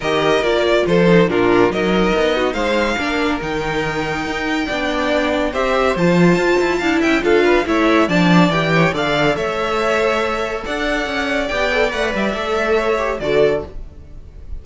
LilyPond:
<<
  \new Staff \with { instrumentName = "violin" } { \time 4/4 \tempo 4 = 141 dis''4 d''4 c''4 ais'4 | dis''2 f''2 | g''1~ | g''4 e''4 a''2~ |
a''8 g''8 f''4 e''4 a''4 | g''4 f''4 e''2~ | e''4 fis''2 g''4 | fis''8 e''2~ e''8 d''4 | }
  \new Staff \with { instrumentName = "violin" } { \time 4/4 ais'2 a'4 f'4 | ais'4. fis'8 c''4 ais'4~ | ais'2. d''4~ | d''4 c''2. |
f''8 e''8 a'8 b'8 cis''4 d''4~ | d''8 cis''8 d''4 cis''2~ | cis''4 d''2.~ | d''2 cis''4 a'4 | }
  \new Staff \with { instrumentName = "viola" } { \time 4/4 g'4 f'4. dis'8 d'4 | dis'2. d'4 | dis'2. d'4~ | d'4 g'4 f'2 |
e'4 f'4 e'4 d'4 | g'4 a'2.~ | a'2. g'8 a'8 | b'4 a'4. g'8 fis'4 | }
  \new Staff \with { instrumentName = "cello" } { \time 4/4 dis4 ais4 f4 ais,4 | fis4 b4 gis4 ais4 | dis2 dis'4 b4~ | b4 c'4 f4 f'8 e'8 |
d'8 cis'8 d'4 a4 f4 | e4 d4 a2~ | a4 d'4 cis'4 b4 | a8 g8 a2 d4 | }
>>